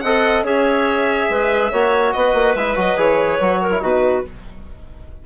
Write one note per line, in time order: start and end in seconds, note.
0.00 0.43 C4
0.00 0.45 A4
0.00 0.44 D#5
0.00 0.42 F#5
0.43 1.27 C#4
0.43 1.72 G#4
0.43 1.29 C#5
0.43 2.12 E5
1.29 1.71 G#3
1.29 1.71 B4
1.71 2.14 A#3
1.71 2.57 F#4
1.71 2.13 C#5
2.12 2.33 B3
2.12 3.62 B4
2.12 2.54 D#5
2.33 2.54 A#3
2.54 2.76 G#3
2.54 2.76 E4
2.54 2.76 E5
2.76 2.96 F#3
2.76 2.97 F#4
2.76 2.99 D#5
2.96 3.38 E3
2.96 3.39 G#4
2.96 3.83 C#5
3.40 3.81 F#3
3.40 3.71 F#4
3.62 3.81 A#4
3.71 3.81 E4
3.81 4.23 B2
3.81 4.23 D#4
3.81 4.23 F#4
3.81 4.25 B4